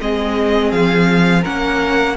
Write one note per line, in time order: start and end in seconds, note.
0.00 0.72 G#3
0.00 1.43 C4
0.00 1.41 G#4
0.00 0.71 D#5
0.71 1.44 F3
0.71 1.43 F5
1.41 2.16 A#3
1.41 2.15 C#4
1.41 2.13 A#4
1.41 2.16 F#5